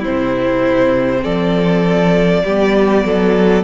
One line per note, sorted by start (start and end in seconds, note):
0.00 2.45 C4
0.00 1.20 E4
0.00 1.24 C5
0.07 1.25 C3
1.23 2.44 F3
1.23 2.43 A4
1.23 3.63 D5
2.44 3.04 G3
2.44 3.63 B3
2.44 3.04 G4
3.04 3.63 F#3
3.04 3.63 A4